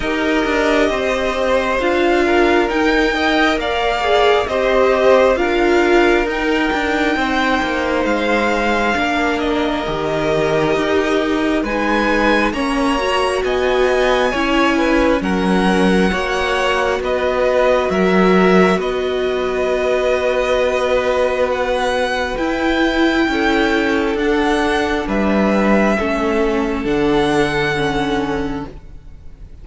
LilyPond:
<<
  \new Staff \with { instrumentName = "violin" } { \time 4/4 \tempo 4 = 67 dis''2 f''4 g''4 | f''4 dis''4 f''4 g''4~ | g''4 f''4. dis''4.~ | dis''4 gis''4 ais''4 gis''4~ |
gis''4 fis''2 dis''4 | e''4 dis''2. | fis''4 g''2 fis''4 | e''2 fis''2 | }
  \new Staff \with { instrumentName = "violin" } { \time 4/4 ais'4 c''4. ais'4 dis''8 | d''4 c''4 ais'2 | c''2 ais'2~ | ais'4 b'4 cis''4 dis''4 |
cis''8 b'8 ais'4 cis''4 b'4 | ais'4 b'2.~ | b'2 a'2 | b'4 a'2. | }
  \new Staff \with { instrumentName = "viola" } { \time 4/4 g'2 f'4 dis'8 ais'8~ | ais'8 gis'8 g'4 f'4 dis'4~ | dis'2 d'4 g'4~ | g'4 dis'4 cis'8 fis'4. |
e'4 cis'4 fis'2~ | fis'1~ | fis'4 e'2 d'4~ | d'4 cis'4 d'4 cis'4 | }
  \new Staff \with { instrumentName = "cello" } { \time 4/4 dis'8 d'8 c'4 d'4 dis'4 | ais4 c'4 d'4 dis'8 d'8 | c'8 ais8 gis4 ais4 dis4 | dis'4 gis4 ais4 b4 |
cis'4 fis4 ais4 b4 | fis4 b2.~ | b4 e'4 cis'4 d'4 | g4 a4 d2 | }
>>